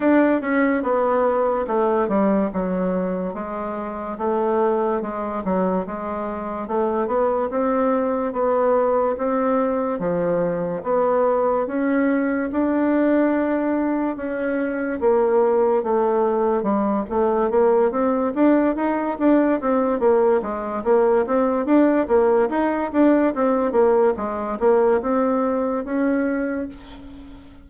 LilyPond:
\new Staff \with { instrumentName = "bassoon" } { \time 4/4 \tempo 4 = 72 d'8 cis'8 b4 a8 g8 fis4 | gis4 a4 gis8 fis8 gis4 | a8 b8 c'4 b4 c'4 | f4 b4 cis'4 d'4~ |
d'4 cis'4 ais4 a4 | g8 a8 ais8 c'8 d'8 dis'8 d'8 c'8 | ais8 gis8 ais8 c'8 d'8 ais8 dis'8 d'8 | c'8 ais8 gis8 ais8 c'4 cis'4 | }